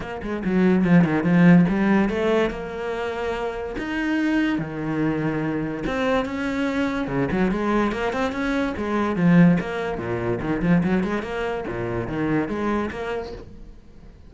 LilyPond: \new Staff \with { instrumentName = "cello" } { \time 4/4 \tempo 4 = 144 ais8 gis8 fis4 f8 dis8 f4 | g4 a4 ais2~ | ais4 dis'2 dis4~ | dis2 c'4 cis'4~ |
cis'4 cis8 fis8 gis4 ais8 c'8 | cis'4 gis4 f4 ais4 | ais,4 dis8 f8 fis8 gis8 ais4 | ais,4 dis4 gis4 ais4 | }